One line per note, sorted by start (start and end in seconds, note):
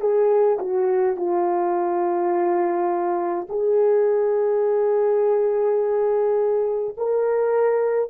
0.00 0.58 G#4
0.59 1.16 F#4
1.16 3.47 F4
3.49 6.95 G#4
6.97 8.10 A#4